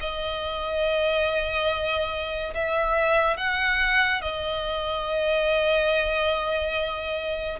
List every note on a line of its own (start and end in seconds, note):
0.00 2.54 D#5
2.54 3.36 E5
3.36 4.21 F#5
4.21 7.59 D#5